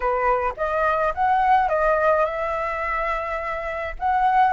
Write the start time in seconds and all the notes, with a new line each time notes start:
0.00 B4
0.57 D#5
1.14 F#5
1.68 D#5
2.25 E5
3.99 F#5